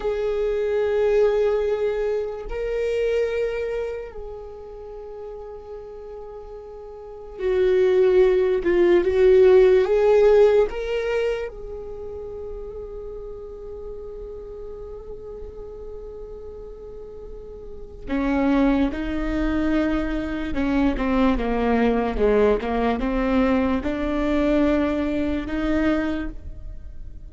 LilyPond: \new Staff \with { instrumentName = "viola" } { \time 4/4 \tempo 4 = 73 gis'2. ais'4~ | ais'4 gis'2.~ | gis'4 fis'4. f'8 fis'4 | gis'4 ais'4 gis'2~ |
gis'1~ | gis'2 cis'4 dis'4~ | dis'4 cis'8 c'8 ais4 gis8 ais8 | c'4 d'2 dis'4 | }